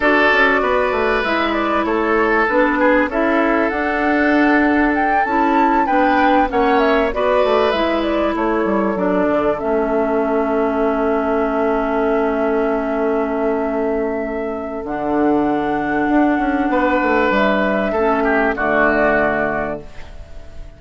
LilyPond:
<<
  \new Staff \with { instrumentName = "flute" } { \time 4/4 \tempo 4 = 97 d''2 e''8 d''8 cis''4 | b'4 e''4 fis''2 | g''8 a''4 g''4 fis''8 e''8 d''8~ | d''8 e''8 d''8 cis''4 d''4 e''8~ |
e''1~ | e''1 | fis''1 | e''2 d''2 | }
  \new Staff \with { instrumentName = "oboe" } { \time 4/4 a'4 b'2 a'4~ | a'8 gis'8 a'2.~ | a'4. b'4 cis''4 b'8~ | b'4. a'2~ a'8~ |
a'1~ | a'1~ | a'2. b'4~ | b'4 a'8 g'8 fis'2 | }
  \new Staff \with { instrumentName = "clarinet" } { \time 4/4 fis'2 e'2 | d'4 e'4 d'2~ | d'8 e'4 d'4 cis'4 fis'8~ | fis'8 e'2 d'4 cis'8~ |
cis'1~ | cis'1 | d'1~ | d'4 cis'4 a2 | }
  \new Staff \with { instrumentName = "bassoon" } { \time 4/4 d'8 cis'8 b8 a8 gis4 a4 | b4 cis'4 d'2~ | d'8 cis'4 b4 ais4 b8 | a8 gis4 a8 g8 fis8 d8 a8~ |
a1~ | a1 | d2 d'8 cis'8 b8 a8 | g4 a4 d2 | }
>>